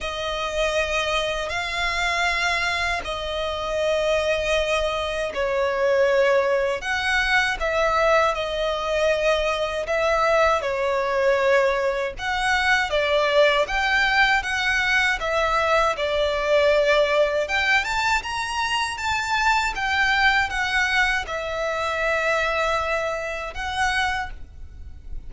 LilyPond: \new Staff \with { instrumentName = "violin" } { \time 4/4 \tempo 4 = 79 dis''2 f''2 | dis''2. cis''4~ | cis''4 fis''4 e''4 dis''4~ | dis''4 e''4 cis''2 |
fis''4 d''4 g''4 fis''4 | e''4 d''2 g''8 a''8 | ais''4 a''4 g''4 fis''4 | e''2. fis''4 | }